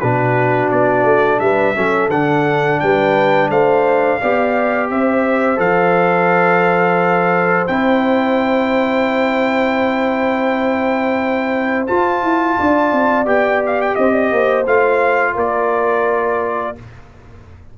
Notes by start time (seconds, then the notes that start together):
0.00 B2 D4 F#4 B4
0.71 B3 D5
1.04 A3
1.40 G3 B4 E5
1.76 F#3 C#4 A4
2.09 D3 D4 F#5
2.80 G3 B4 G5
3.49 A3 C5 F5
4.20 B3 G4 D5
4.91 C4 C5 E5
5.57 F3 A4 F5
7.67 C4 E4 G5
11.87 F4 A5
12.23 E4
12.59 D4 D5
12.92 C4
13.26 B3 G4 G5
13.67 F5
13.82 G5
13.95 C4 C5 D#5
14.12 D5
14.32 A#3 C5
14.67 A3 F4 F5
15.35 A#3 A#4 D5